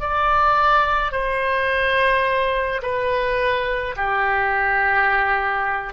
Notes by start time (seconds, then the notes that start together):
0.00 D5
1.12 C5
2.82 B4
3.96 G4